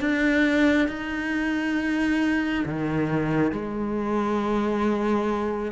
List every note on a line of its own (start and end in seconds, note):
0.00 0.88 D4
0.88 2.64 D#4
2.65 3.52 D#3
3.52 5.72 G#3